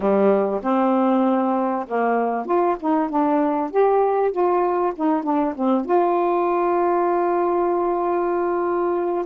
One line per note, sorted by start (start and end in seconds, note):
0.00 0.60 G3
0.62 1.86 C4
1.87 2.45 A#3
2.45 2.76 F4
2.79 3.09 D#4
3.09 3.70 D4
3.70 4.31 G4
4.31 4.93 F4
4.95 5.23 D#4
5.23 5.54 D4
5.55 5.85 C4
5.85 9.25 F4